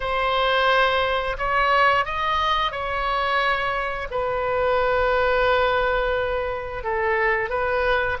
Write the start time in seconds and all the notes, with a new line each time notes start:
0.00 C5
1.38 C#5
2.05 D#5
2.71 C#5
4.11 B4
6.83 A4
7.49 B4